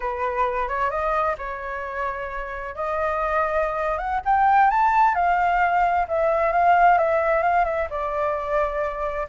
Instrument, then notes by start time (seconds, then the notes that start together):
flute
0.00 B4
0.68 C#5
0.90 D#5
1.38 C#5
2.75 D#5
3.97 F#5
4.25 G5
4.70 A5
5.14 F5
6.08 E5
6.52 F5
6.97 E5
7.42 F5
7.64 E5
7.89 D5